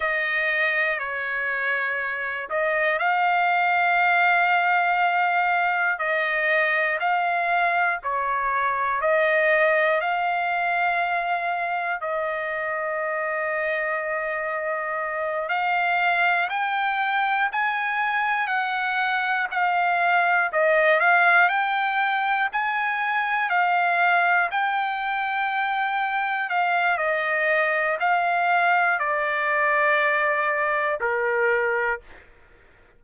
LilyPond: \new Staff \with { instrumentName = "trumpet" } { \time 4/4 \tempo 4 = 60 dis''4 cis''4. dis''8 f''4~ | f''2 dis''4 f''4 | cis''4 dis''4 f''2 | dis''2.~ dis''8 f''8~ |
f''8 g''4 gis''4 fis''4 f''8~ | f''8 dis''8 f''8 g''4 gis''4 f''8~ | f''8 g''2 f''8 dis''4 | f''4 d''2 ais'4 | }